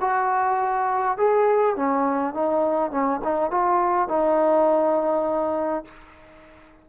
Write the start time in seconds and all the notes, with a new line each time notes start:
0.00 F#4
1.17 G#4
1.76 C#4
2.33 D#4
2.91 C#4
3.24 D#4
3.50 F4
4.08 D#4